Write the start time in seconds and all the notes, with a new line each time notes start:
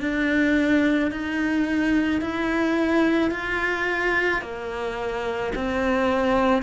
0.00 D4
1.11 D#4
2.21 E4
3.31 F4
4.41 A#3
5.55 C4